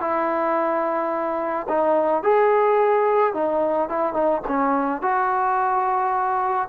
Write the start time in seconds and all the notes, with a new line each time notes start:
0.00 E4
1.68 D#4
2.23 G#4
3.33 D#4
3.88 E4
4.13 D#4
4.47 C#4
5.01 F#4